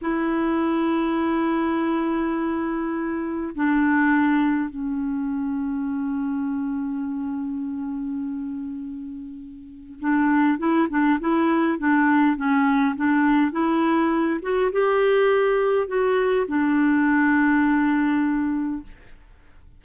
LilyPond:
\new Staff \with { instrumentName = "clarinet" } { \time 4/4 \tempo 4 = 102 e'1~ | e'2 d'2 | cis'1~ | cis'1~ |
cis'4 d'4 e'8 d'8 e'4 | d'4 cis'4 d'4 e'4~ | e'8 fis'8 g'2 fis'4 | d'1 | }